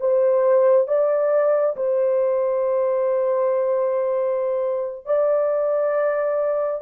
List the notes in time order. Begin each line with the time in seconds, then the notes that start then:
0.00 C5
0.88 D5
1.76 C5
5.06 D5